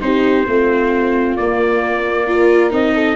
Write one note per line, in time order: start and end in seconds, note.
0.00 0.48 C4
0.00 0.45 D#4
0.00 0.49 G4
0.00 1.37 C5
0.48 1.38 A3
0.48 1.38 C4
0.48 2.28 F4
1.37 2.28 A#3
1.37 2.73 A#3
1.37 2.72 D5
2.28 2.70 F4
2.28 2.95 A#4
2.70 3.16 C4
2.70 3.16 D#4
2.70 3.16 D#5
2.95 3.16 A4